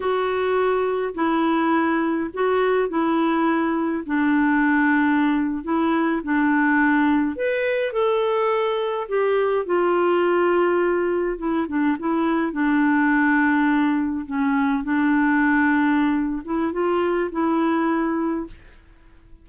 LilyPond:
\new Staff \with { instrumentName = "clarinet" } { \time 4/4 \tempo 4 = 104 fis'2 e'2 | fis'4 e'2 d'4~ | d'4.~ d'16 e'4 d'4~ d'16~ | d'8. b'4 a'2 g'16~ |
g'8. f'2. e'16~ | e'16 d'8 e'4 d'2~ d'16~ | d'8. cis'4 d'2~ d'16~ | d'8 e'8 f'4 e'2 | }